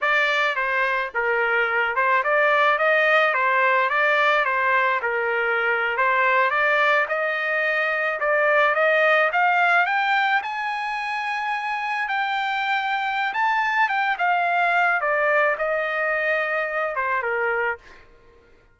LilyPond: \new Staff \with { instrumentName = "trumpet" } { \time 4/4 \tempo 4 = 108 d''4 c''4 ais'4. c''8 | d''4 dis''4 c''4 d''4 | c''4 ais'4.~ ais'16 c''4 d''16~ | d''8. dis''2 d''4 dis''16~ |
dis''8. f''4 g''4 gis''4~ gis''16~ | gis''4.~ gis''16 g''2~ g''16 | a''4 g''8 f''4. d''4 | dis''2~ dis''8 c''8 ais'4 | }